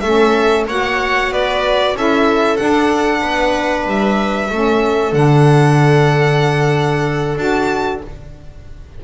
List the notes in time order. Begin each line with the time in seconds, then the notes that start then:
0.00 A3 C#4 A4 E5
0.67 A#3 F#4 C#5 F#5
1.30 B3 B4 D5
1.94 C#4 E4 A4 E5
2.57 D4 F#5
3.22 B3 B4
3.86 G3 E5
4.50 A3 C#4 A4
5.12 D3 D4 F#5
7.36 D4 F#4 A5